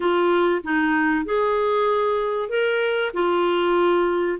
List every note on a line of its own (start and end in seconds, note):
0.00 0.62 F4
0.63 1.25 D#4
1.25 2.49 G#4
2.49 3.11 A#4
3.13 4.38 F4